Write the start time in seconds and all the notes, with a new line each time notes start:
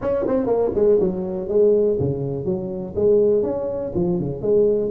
0.01 C#4
0.27 C4
0.46 A#3
0.74 G#3
1.00 F#3
1.48 G#3
1.99 C#3
2.45 F#3
2.95 G#3
3.42 C#4
3.95 F3
4.19 C#3
4.41 G#3